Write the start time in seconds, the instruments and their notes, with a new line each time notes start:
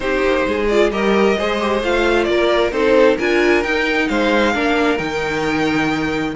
0.00 cello C4, viola D#4, violin G4 C5
0.23 cello A#3
0.46 cello G#3, violin G#4
0.68 viola F4, violin D5
0.91 cello G3, viola G4, violin A#4 D#5
1.37 cello G#3, viola G#4, violin C5
1.59 viola G4
1.82 cello A3, viola F4, violin F5
2.23 cello A#3, violin D5
2.30 violin A#4
2.71 cello C4, viola D#4, violin A4 C5
3.16 cello D4, viola F4, violin A#4 G#5
3.63 cello D#4, viola D#4, violin G5
4.08 cello G#3, violin C5 F5
4.52 cello A#3, viola D4, violin A#4
4.97 cello D#3, viola D#4, violin G5